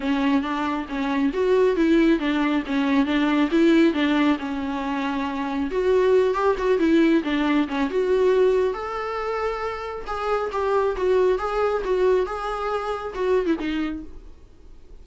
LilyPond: \new Staff \with { instrumentName = "viola" } { \time 4/4 \tempo 4 = 137 cis'4 d'4 cis'4 fis'4 | e'4 d'4 cis'4 d'4 | e'4 d'4 cis'2~ | cis'4 fis'4. g'8 fis'8 e'8~ |
e'8 d'4 cis'8 fis'2 | a'2. gis'4 | g'4 fis'4 gis'4 fis'4 | gis'2 fis'8. e'16 dis'4 | }